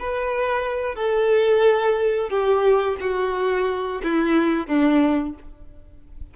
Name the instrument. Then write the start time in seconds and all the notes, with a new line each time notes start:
violin
0.00 B4
0.95 A4
2.30 G4
3.01 F#4
4.04 E4
4.67 D4